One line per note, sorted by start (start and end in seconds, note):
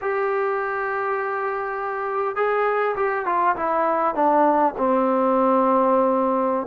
0.01 2.35 G4
2.35 2.95 G#4
2.95 3.25 G4
3.25 3.55 F4
3.56 4.14 E4
4.14 4.74 D4
4.77 6.66 C4